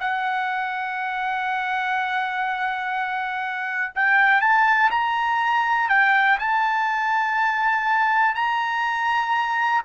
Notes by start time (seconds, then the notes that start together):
0.00 F#5
3.95 G5
4.41 A5
4.91 A#5
5.89 G5
6.39 A5
8.35 A#5